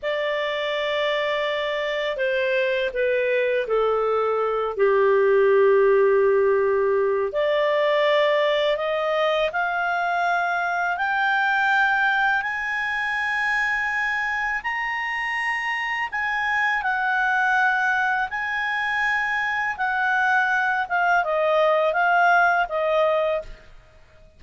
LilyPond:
\new Staff \with { instrumentName = "clarinet" } { \time 4/4 \tempo 4 = 82 d''2. c''4 | b'4 a'4. g'4.~ | g'2 d''2 | dis''4 f''2 g''4~ |
g''4 gis''2. | ais''2 gis''4 fis''4~ | fis''4 gis''2 fis''4~ | fis''8 f''8 dis''4 f''4 dis''4 | }